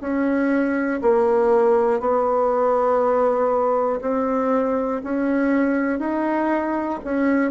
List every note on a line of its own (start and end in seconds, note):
0.00 1.00 C#4
1.01 2.00 A#3
2.00 4.00 B3
4.01 5.01 C4
5.03 5.99 C#4
5.99 6.99 D#4
7.04 7.51 C#4